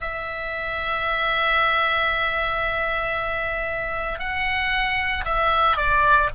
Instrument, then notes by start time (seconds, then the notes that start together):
oboe
0.00 E5
4.19 F#5
5.24 E5
5.76 D5